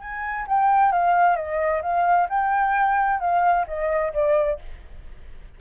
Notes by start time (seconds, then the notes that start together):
0.00 G#5
0.47 G5
0.92 F5
1.36 D#5
1.82 F5
2.29 G5
3.20 F5
3.67 D#5
4.13 D5